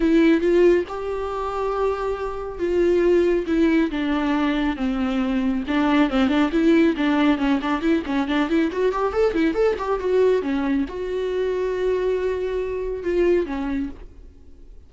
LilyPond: \new Staff \with { instrumentName = "viola" } { \time 4/4 \tempo 4 = 138 e'4 f'4 g'2~ | g'2 f'2 | e'4 d'2 c'4~ | c'4 d'4 c'8 d'8 e'4 |
d'4 cis'8 d'8 e'8 cis'8 d'8 e'8 | fis'8 g'8 a'8 e'8 a'8 g'8 fis'4 | cis'4 fis'2.~ | fis'2 f'4 cis'4 | }